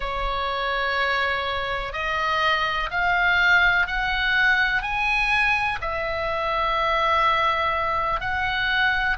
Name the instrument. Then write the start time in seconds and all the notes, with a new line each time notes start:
oboe
0.00 C#5
1.93 D#5
2.90 F5
3.87 F#5
4.82 G#5
5.81 E5
8.20 F#5